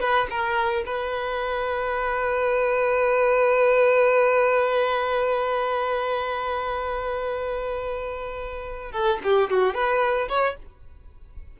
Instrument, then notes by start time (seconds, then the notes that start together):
violin
0.00 B4
0.30 A#4
0.85 B4
8.91 A4
9.23 G4
9.50 F#4
9.74 B4
10.28 C#5